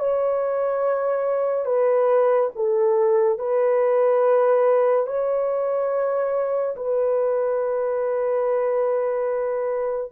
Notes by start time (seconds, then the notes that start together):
0.00 C#5
1.66 B4
2.56 A4
3.39 B4
5.07 C#5
6.76 B4